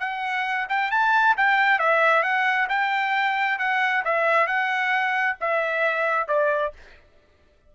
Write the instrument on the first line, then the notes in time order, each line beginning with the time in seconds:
trumpet
0.00 F#5
0.69 G5
0.91 A5
1.37 G5
1.79 E5
2.23 F#5
2.69 G5
3.59 F#5
4.05 E5
4.47 F#5
5.41 E5
6.28 D5